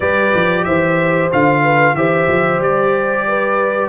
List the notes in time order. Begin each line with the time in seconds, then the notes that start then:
0.00 G3 G4 B4 D5
0.34 F3
0.64 E3 C5 E5
1.31 D3 F4 F5
1.62 B4
1.94 E3 G4 C5 E5
2.27 F3
2.58 G3 D5
3.27 B4